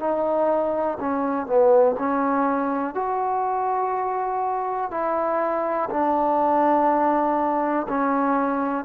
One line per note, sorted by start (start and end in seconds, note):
0.00 0.98 D#4
1.00 1.47 C#4
1.47 1.96 B3
1.99 2.95 C#4
2.95 4.91 F#4
4.91 5.90 E4
5.90 7.87 D4
7.89 8.85 C#4